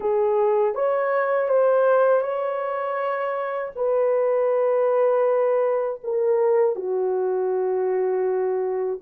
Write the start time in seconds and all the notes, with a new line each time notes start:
0.00 G#4
0.74 C#5
1.49 C5
2.21 C#5
3.75 B4
6.03 A#4
6.75 F#4